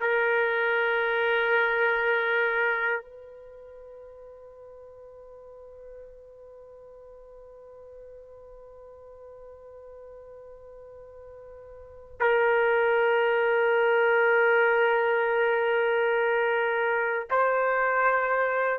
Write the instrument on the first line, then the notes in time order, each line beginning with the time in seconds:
trumpet
0.00 A#4
3.01 B4
12.20 A#4
17.30 C5